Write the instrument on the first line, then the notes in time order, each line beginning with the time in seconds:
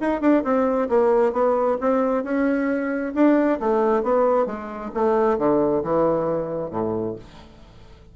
bassoon
0.00 D#4
0.21 D4
0.44 C4
0.89 A#3
1.33 B3
1.81 C4
2.24 C#4
3.15 D4
3.60 A3
4.03 B3
4.46 G#3
4.94 A3
5.38 D3
5.84 E3
6.70 A2